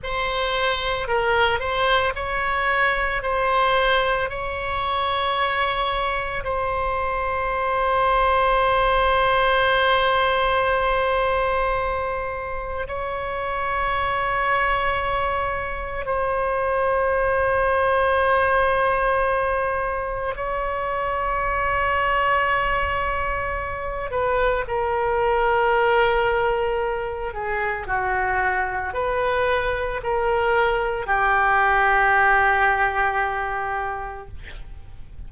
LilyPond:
\new Staff \with { instrumentName = "oboe" } { \time 4/4 \tempo 4 = 56 c''4 ais'8 c''8 cis''4 c''4 | cis''2 c''2~ | c''1 | cis''2. c''4~ |
c''2. cis''4~ | cis''2~ cis''8 b'8 ais'4~ | ais'4. gis'8 fis'4 b'4 | ais'4 g'2. | }